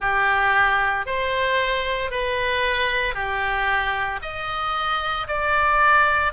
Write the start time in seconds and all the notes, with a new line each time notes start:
0.00 G4
1.05 C5
2.11 B4
3.14 G4
4.22 D#5
5.27 D5